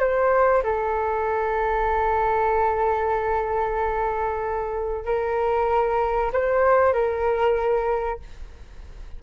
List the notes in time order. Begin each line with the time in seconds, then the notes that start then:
0.00 C5
0.64 A4
5.06 A#4
6.33 C5
6.94 A#4